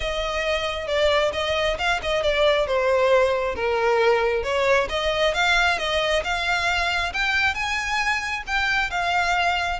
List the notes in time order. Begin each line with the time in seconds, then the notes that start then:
0.00 D#5
0.87 D5
1.33 D#5
1.78 F5
2.02 D#5
2.22 D5
2.66 C5
3.55 A#4
4.43 C#5
4.89 D#5
5.34 F5
5.78 D#5
6.24 F5
7.13 G5
7.54 G#5
8.46 G5
8.90 F5